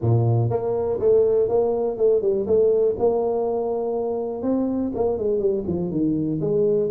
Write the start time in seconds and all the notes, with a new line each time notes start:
0.01 A#2
0.50 A#3
0.99 A3
1.49 A#3
1.97 A3
2.21 G3
2.46 A3
2.98 A#3
4.42 C4
4.94 A#3
5.18 G#3
5.39 G3
5.66 F3
5.91 D#3
6.41 G#3